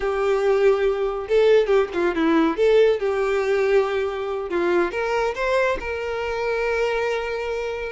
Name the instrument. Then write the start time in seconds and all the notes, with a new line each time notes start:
violin
0.00 G4
1.28 A4
1.67 G4
1.93 F4
2.15 E4
2.56 A4
2.99 G4
4.49 F4
4.91 A#4
5.35 C5
5.80 A#4